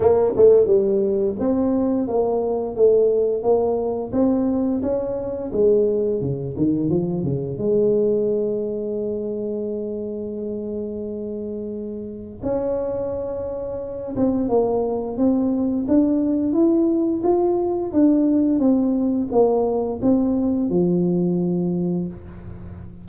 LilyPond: \new Staff \with { instrumentName = "tuba" } { \time 4/4 \tempo 4 = 87 ais8 a8 g4 c'4 ais4 | a4 ais4 c'4 cis'4 | gis4 cis8 dis8 f8 cis8 gis4~ | gis1~ |
gis2 cis'2~ | cis'8 c'8 ais4 c'4 d'4 | e'4 f'4 d'4 c'4 | ais4 c'4 f2 | }